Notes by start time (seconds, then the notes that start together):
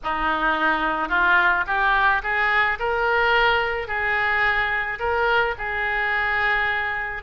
0.03 D#4
1.08 F4
1.66 G4
2.22 G#4
2.79 A#4
3.87 G#4
4.99 A#4
5.58 G#4